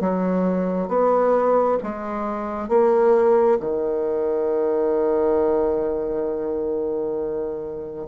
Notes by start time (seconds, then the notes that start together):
0.00 F#3
0.88 B3
1.83 G#3
2.68 A#3
3.59 D#3